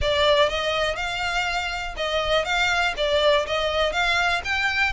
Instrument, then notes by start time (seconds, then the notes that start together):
violin
0.01 D5
0.49 D#5
0.95 F5
1.96 D#5
2.44 F5
2.96 D5
3.46 D#5
3.92 F5
4.44 G5